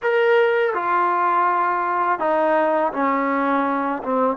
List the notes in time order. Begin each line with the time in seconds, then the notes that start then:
0.02 A#4
0.74 F4
2.19 D#4
2.92 C#4
4.03 C4